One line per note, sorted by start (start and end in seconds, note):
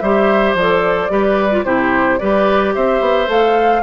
0.00 0.54 G3
0.00 0.59 G4
0.00 1.12 C5
0.00 0.55 E5
0.54 1.09 F3
0.54 1.10 A4
0.54 1.65 D5
1.10 1.64 G3
1.10 1.50 G4
1.10 1.65 B4
1.51 1.65 F4
1.64 2.19 C3
1.64 2.20 E4
1.64 2.20 G4
1.64 2.19 C5
2.19 2.76 G3
2.19 3.27 G4
2.19 2.75 B4
2.19 2.73 D5
2.75 3.01 C4
2.75 3.83 C5
2.75 3.30 E5
3.01 3.28 B3
3.27 3.82 A3
3.27 3.82 A4
3.27 3.83 F5